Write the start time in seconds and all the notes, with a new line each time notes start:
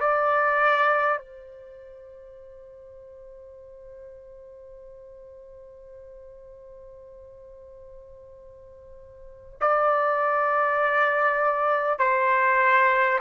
0.00 D5
1.18 C5
9.60 D5
11.98 C5